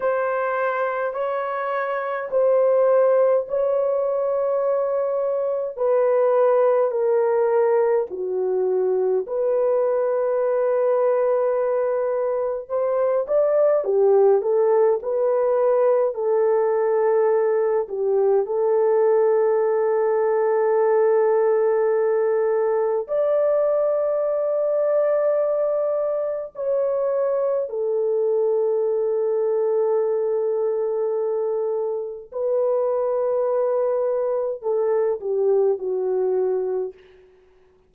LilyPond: \new Staff \with { instrumentName = "horn" } { \time 4/4 \tempo 4 = 52 c''4 cis''4 c''4 cis''4~ | cis''4 b'4 ais'4 fis'4 | b'2. c''8 d''8 | g'8 a'8 b'4 a'4. g'8 |
a'1 | d''2. cis''4 | a'1 | b'2 a'8 g'8 fis'4 | }